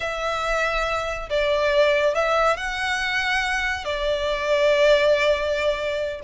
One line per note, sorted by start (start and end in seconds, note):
0.00 1.29 E5
1.29 2.14 D5
2.14 2.57 E5
2.57 3.84 F#5
3.84 6.20 D5